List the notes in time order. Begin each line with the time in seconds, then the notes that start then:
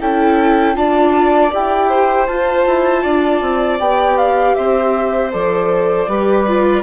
0.00 C#4 E4 A4 G5
0.75 D4 F4 D5 A5
1.52 E4 G4 G5
1.89 C5
2.27 F4 A5
2.67 E4
3.03 D4 D5
3.42 C4
3.80 B3 G4 G5
4.18 F5
4.55 C4 C5 E5
5.32 F3 A4 D5
6.08 G3 G4 B4
6.48 F4